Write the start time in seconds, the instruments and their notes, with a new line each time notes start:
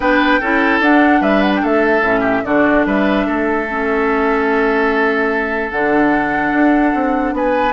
0.00 bassoon B3, clarinet D4, oboe B4, flute G5
0.40 bassoon C#4, clarinet E4, oboe A4
0.80 bassoon D4, clarinet D4, flute F#5
1.21 bassoon G3, oboe B4, flute E5
1.41 flute F#5
1.55 flute G5
1.62 bassoon A3, oboe A4, flute E5
2.00 bassoon A2, clarinet C#4
2.20 oboe G4
2.44 bassoon D3, clarinet D4, oboe F#4, flute D5
2.85 bassoon G3, oboe B4, flute E5
3.26 bassoon A3, oboe A4
3.69 clarinet C#4
5.70 bassoon D3, clarinet D4, flute F#5
6.52 bassoon D4
6.94 bassoon C4
7.32 bassoon B3, oboe B4, flute G#5